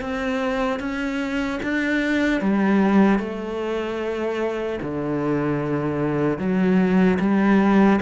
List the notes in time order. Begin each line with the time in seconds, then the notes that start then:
0.00 C4
0.79 C#4
1.63 D4
2.41 G3
3.19 A3
4.81 D3
6.38 F#3
7.19 G3